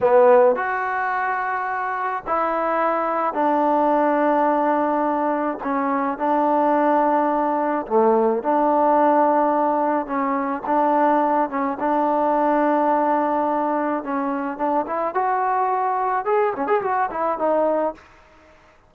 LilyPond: \new Staff \with { instrumentName = "trombone" } { \time 4/4 \tempo 4 = 107 b4 fis'2. | e'2 d'2~ | d'2 cis'4 d'4~ | d'2 a4 d'4~ |
d'2 cis'4 d'4~ | d'8 cis'8 d'2.~ | d'4 cis'4 d'8 e'8 fis'4~ | fis'4 gis'8 cis'16 gis'16 fis'8 e'8 dis'4 | }